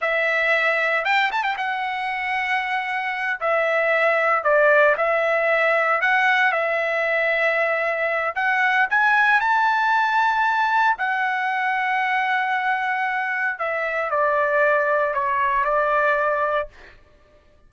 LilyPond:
\new Staff \with { instrumentName = "trumpet" } { \time 4/4 \tempo 4 = 115 e''2 g''8 a''16 g''16 fis''4~ | fis''2~ fis''8 e''4.~ | e''8 d''4 e''2 fis''8~ | fis''8 e''2.~ e''8 |
fis''4 gis''4 a''2~ | a''4 fis''2.~ | fis''2 e''4 d''4~ | d''4 cis''4 d''2 | }